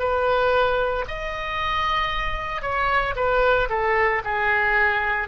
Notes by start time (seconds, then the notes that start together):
0.00 B4
1.08 D#5
2.62 C#5
3.16 B4
3.70 A4
4.24 G#4